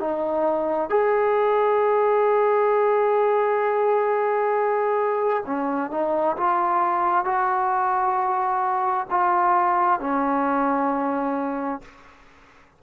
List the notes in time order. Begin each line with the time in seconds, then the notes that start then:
0.00 D#4
0.89 G#4
5.46 C#4
5.91 D#4
6.37 F4
7.25 F#4
9.10 F4
10.00 C#4